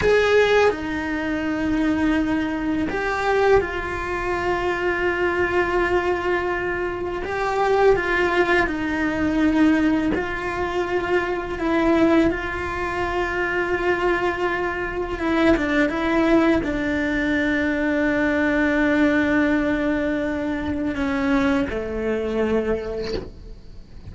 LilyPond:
\new Staff \with { instrumentName = "cello" } { \time 4/4 \tempo 4 = 83 gis'4 dis'2. | g'4 f'2.~ | f'2 g'4 f'4 | dis'2 f'2 |
e'4 f'2.~ | f'4 e'8 d'8 e'4 d'4~ | d'1~ | d'4 cis'4 a2 | }